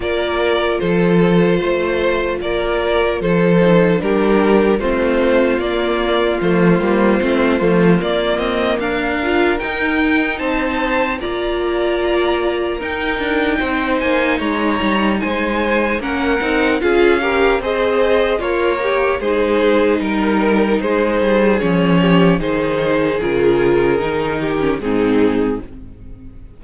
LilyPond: <<
  \new Staff \with { instrumentName = "violin" } { \time 4/4 \tempo 4 = 75 d''4 c''2 d''4 | c''4 ais'4 c''4 d''4 | c''2 d''8 dis''8 f''4 | g''4 a''4 ais''2 |
g''4. gis''8 ais''4 gis''4 | fis''4 f''4 dis''4 cis''4 | c''4 ais'4 c''4 cis''4 | c''4 ais'2 gis'4 | }
  \new Staff \with { instrumentName = "violin" } { \time 4/4 ais'4 a'4 c''4 ais'4 | a'4 g'4 f'2~ | f'2. ais'4~ | ais'4 c''4 d''2 |
ais'4 c''4 cis''4 c''4 | ais'4 gis'8 ais'8 c''4 f'8 g'8 | gis'4 ais'4 gis'4. g'8 | gis'2~ gis'8 g'8 dis'4 | }
  \new Staff \with { instrumentName = "viola" } { \time 4/4 f'1~ | f'8 dis'8 d'4 c'4 ais4 | a8 ais8 c'8 a8 ais4. f'8 | dis'2 f'2 |
dis'1 | cis'8 dis'8 f'8 g'8 gis'4 ais'4 | dis'2. cis'4 | dis'4 f'4 dis'8. cis'16 c'4 | }
  \new Staff \with { instrumentName = "cello" } { \time 4/4 ais4 f4 a4 ais4 | f4 g4 a4 ais4 | f8 g8 a8 f8 ais8 c'8 d'4 | dis'4 c'4 ais2 |
dis'8 d'8 c'8 ais8 gis8 g8 gis4 | ais8 c'8 cis'4 c'4 ais4 | gis4 g4 gis8 g8 f4 | dis4 cis4 dis4 gis,4 | }
>>